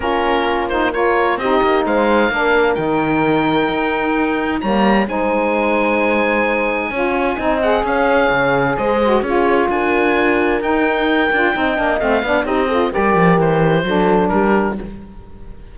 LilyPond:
<<
  \new Staff \with { instrumentName = "oboe" } { \time 4/4 \tempo 4 = 130 ais'4. c''8 cis''4 dis''4 | f''2 g''2~ | g''2 ais''4 gis''4~ | gis''1~ |
gis''8 fis''8 f''2 dis''4 | cis''4 gis''2 g''4~ | g''2 f''4 dis''4 | d''4 c''2 ais'4 | }
  \new Staff \with { instrumentName = "horn" } { \time 4/4 f'2 ais'4 g'4 | c''4 ais'2.~ | ais'2 cis''4 c''4~ | c''2. cis''4 |
dis''4 cis''2 c''4 | gis'4 ais'2.~ | ais'4 dis''4. d''8 g'8 a'8 | ais'2 a'4 g'4 | }
  \new Staff \with { instrumentName = "saxophone" } { \time 4/4 cis'4. dis'8 f'4 dis'4~ | dis'4 d'4 dis'2~ | dis'2 ais4 dis'4~ | dis'2. f'4 |
dis'8 gis'2. fis'8 | f'2. dis'4~ | dis'8 f'8 dis'8 d'8 c'8 d'8 dis'8 f'8 | g'2 d'2 | }
  \new Staff \with { instrumentName = "cello" } { \time 4/4 ais2. c'8 ais8 | gis4 ais4 dis2 | dis'2 g4 gis4~ | gis2. cis'4 |
c'4 cis'4 cis4 gis4 | cis'4 d'2 dis'4~ | dis'8 d'8 c'8 ais8 a8 b8 c'4 | g8 f8 e4 fis4 g4 | }
>>